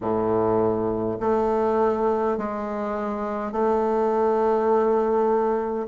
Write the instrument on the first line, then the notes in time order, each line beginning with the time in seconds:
bassoon
0.00 A2
1.20 A3
2.37 G#3
3.51 A3